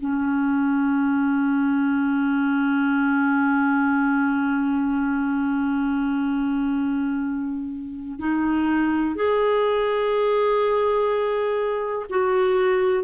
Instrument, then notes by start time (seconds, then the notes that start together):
clarinet
0.00 C#4
8.19 D#4
9.16 G#4
12.10 F#4